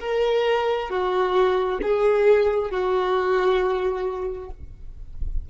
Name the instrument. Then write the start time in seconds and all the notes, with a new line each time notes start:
violin
0.00 A#4
0.90 F#4
1.82 G#4
2.71 F#4